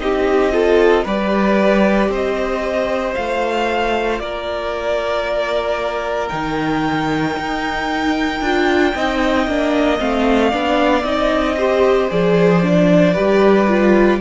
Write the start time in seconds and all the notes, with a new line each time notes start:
0.00 C4 D#4 G4 D#5
0.52 F4 A4
1.05 G3 G4 B4 D5
2.09 C4 C5 D#5
3.15 A3 F4 F5
4.20 A#3 A#4 D5
6.29 D#3 D#4 G5
7.38 D#4
8.41 D4 F4
8.95 C4 D#4 D#5
9.47 A#3 D4
9.99 A3 C4 F5
10.50 B3 D4 D5
11.04 C4 D#4 D#5
11.58 G4 C5
12.10 F3 G#4 D5
12.62 D4
13.14 G3 G4 B4
13.69 F4